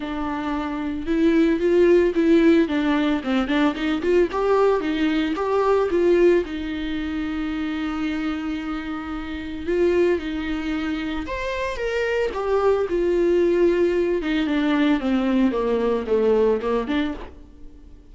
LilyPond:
\new Staff \with { instrumentName = "viola" } { \time 4/4 \tempo 4 = 112 d'2 e'4 f'4 | e'4 d'4 c'8 d'8 dis'8 f'8 | g'4 dis'4 g'4 f'4 | dis'1~ |
dis'2 f'4 dis'4~ | dis'4 c''4 ais'4 g'4 | f'2~ f'8 dis'8 d'4 | c'4 ais4 a4 ais8 d'8 | }